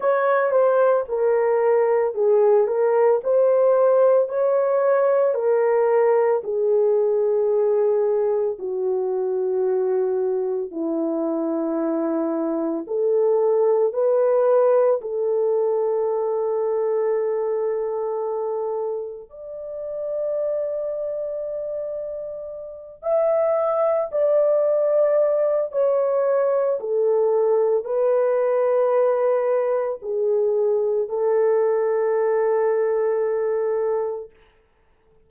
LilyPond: \new Staff \with { instrumentName = "horn" } { \time 4/4 \tempo 4 = 56 cis''8 c''8 ais'4 gis'8 ais'8 c''4 | cis''4 ais'4 gis'2 | fis'2 e'2 | a'4 b'4 a'2~ |
a'2 d''2~ | d''4. e''4 d''4. | cis''4 a'4 b'2 | gis'4 a'2. | }